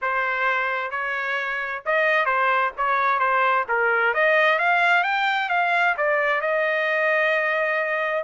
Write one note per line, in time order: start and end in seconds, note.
0.01 0.90 C5
0.90 1.82 C#5
1.85 2.25 D#5
2.25 2.71 C5
2.77 3.19 C#5
3.19 3.65 C5
3.68 4.14 A#4
4.14 4.58 D#5
4.58 5.03 F5
5.03 5.49 G5
5.49 5.95 F5
5.97 6.41 D5
6.41 8.23 D#5